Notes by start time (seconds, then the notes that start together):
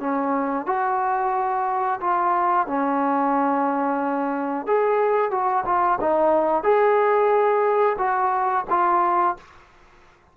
0.00 C#4
0.67 F#4
2.01 F4
2.68 C#4
4.67 G#4
5.31 F#4
5.66 F4
6.01 D#4
6.64 G#4
7.98 F#4
8.70 F4